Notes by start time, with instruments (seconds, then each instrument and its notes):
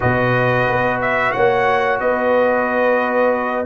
0.00 tuba B2, trombone F#4, horn B4, trumpet D#5
0.68 tuba B3
1.01 trumpet E5
1.32 tuba A#3, horn C#5, trumpet F#5
2.00 tuba B3, horn B4, trumpet D#5